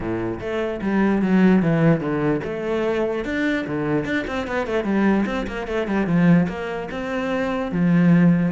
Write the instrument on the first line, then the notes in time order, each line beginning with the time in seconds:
cello
0.00 A2
0.39 A3
0.81 G3
1.21 F#3
1.62 E3
2.00 D3
2.44 A3
3.25 D4
3.67 D3
4.04 D4
4.27 C4
4.47 B3
4.66 A3
4.84 G3
5.26 C4
5.47 A#3
5.67 A3
5.87 G3
6.06 F3
6.48 A#3
6.91 C4
7.71 F3